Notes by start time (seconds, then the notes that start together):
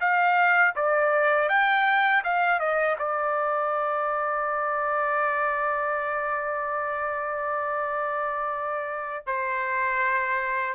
0.00 F5
0.75 D5
1.48 G5
2.24 F5
2.59 D#5
2.99 D5
9.26 C5